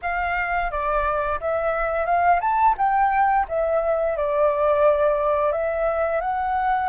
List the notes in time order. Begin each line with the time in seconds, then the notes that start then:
0.02 F5
0.70 D5
1.40 E5
2.05 F5
2.40 A5
2.77 G5
3.48 E5
4.16 D5
5.52 E5
6.21 F#5